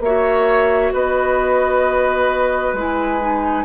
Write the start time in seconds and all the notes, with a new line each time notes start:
0.00 A#3 F#4 C#5 E5
0.93 B3 B4 D#5
2.73 G#3 E4 G#5
3.20 D#4